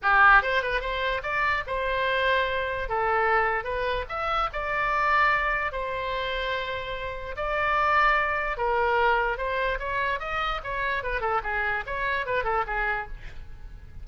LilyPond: \new Staff \with { instrumentName = "oboe" } { \time 4/4 \tempo 4 = 147 g'4 c''8 b'8 c''4 d''4 | c''2. a'4~ | a'4 b'4 e''4 d''4~ | d''2 c''2~ |
c''2 d''2~ | d''4 ais'2 c''4 | cis''4 dis''4 cis''4 b'8 a'8 | gis'4 cis''4 b'8 a'8 gis'4 | }